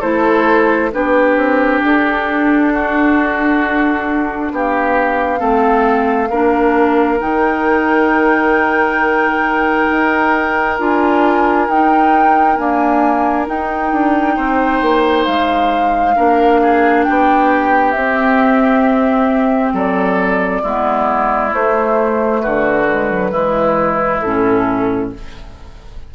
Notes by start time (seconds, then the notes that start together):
0.00 A3 E4 A4 C5
0.91 B3 D4 G4 B4
1.37 C4
1.83 D4 A4
2.73 F#4
4.51 B3 G4 F5
5.38 A3 C4 A4
6.30 A#3 D4 A#4
7.19 D#3 D#4 G5
9.90 D#4
10.78 D4 F4 G#5
11.68 D#4 G5
12.57 A#3 D4 G#5
13.46 D#4 G5
13.92 D4
14.36 C4 C5
14.82 A#3
15.25 G#3 F5
16.15 A#3 D4 A#4
16.62 G#4
17.04 B3 G4 G5
17.91 C4 E5
19.73 F#3 A4 D5
20.62 G#3 B3 E4
21.49 A3 C5
22.41 D3 F#4 B4
22.88 G#3
23.10 F#3
23.31 E3 G#3 E4
24.20 A2 C#4 A4